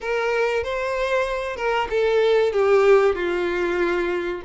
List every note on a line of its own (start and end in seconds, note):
0.00 0.63 A#4
0.63 1.56 C5
1.56 1.87 A#4
1.89 2.52 A4
2.52 3.15 G4
3.15 4.41 F4